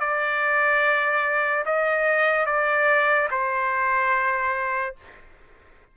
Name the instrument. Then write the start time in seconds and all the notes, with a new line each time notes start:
trumpet
0.00 D5
1.66 D#5
2.46 D5
3.31 C5